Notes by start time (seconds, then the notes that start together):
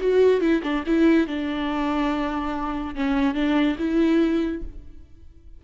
0.00 F#4
0.41 E4
0.63 D4
0.87 E4
1.27 D4
2.95 C#4
3.35 D4
3.79 E4